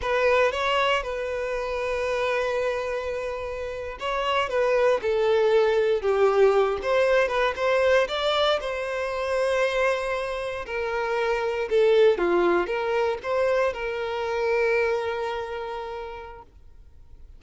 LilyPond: \new Staff \with { instrumentName = "violin" } { \time 4/4 \tempo 4 = 117 b'4 cis''4 b'2~ | b'2.~ b'8. cis''16~ | cis''8. b'4 a'2 g'16~ | g'4~ g'16 c''4 b'8 c''4 d''16~ |
d''8. c''2.~ c''16~ | c''8. ais'2 a'4 f'16~ | f'8. ais'4 c''4 ais'4~ ais'16~ | ais'1 | }